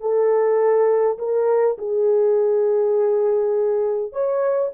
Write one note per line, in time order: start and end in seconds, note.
0.00 1.18 A4
1.18 1.77 A#4
1.78 4.12 G#4
4.12 4.71 C#5